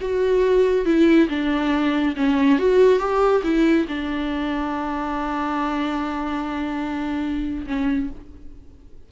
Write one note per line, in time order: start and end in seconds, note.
0.00 0.85 F#4
0.85 1.28 E4
1.29 2.15 D4
2.16 2.58 C#4
2.58 2.99 F#4
2.99 3.42 G4
3.43 3.86 E4
3.88 7.66 D4
7.66 8.09 C#4